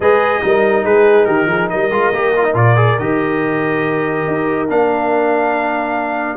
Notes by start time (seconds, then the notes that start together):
0.00 G#3 G#4 B4 D#5
0.42 G3 D#4 A#4
0.84 G#3 G#4 B4
1.25 D#3 G4 A#4
1.46 F3 G#4
1.69 G3 A#4 D#5
1.90 G#3 F4
2.13 A#3 G4
2.36 F4
2.43 D#4
2.54 A#2 F4 D5
2.76 G#4
2.98 D#3 G4 D#5
4.27 D#4
4.68 A#3 D4 F5